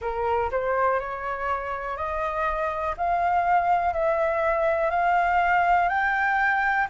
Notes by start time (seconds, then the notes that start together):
0.01 A#4
0.51 C5
0.99 C#5
1.96 D#5
2.97 F5
3.93 E5
4.90 F5
5.88 G5